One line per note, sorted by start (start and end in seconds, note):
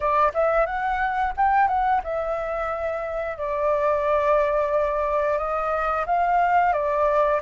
0.00 0.32 D5
0.34 0.66 E5
0.66 1.33 F#5
1.36 1.67 G5
1.67 2.01 F#5
2.03 3.37 E5
3.37 5.37 D5
5.37 6.05 D#5
6.06 6.72 F5
6.72 7.40 D5